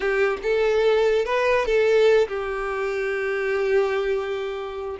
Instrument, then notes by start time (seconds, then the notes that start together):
violin
0.00 G4
0.42 A4
1.25 B4
1.65 A4
2.28 G4